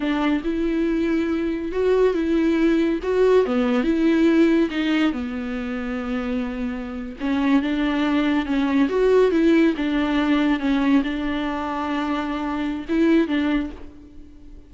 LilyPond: \new Staff \with { instrumentName = "viola" } { \time 4/4 \tempo 4 = 140 d'4 e'2. | fis'4 e'2 fis'4 | b4 e'2 dis'4 | b1~ |
b8. cis'4 d'2 cis'16~ | cis'8. fis'4 e'4 d'4~ d'16~ | d'8. cis'4 d'2~ d'16~ | d'2 e'4 d'4 | }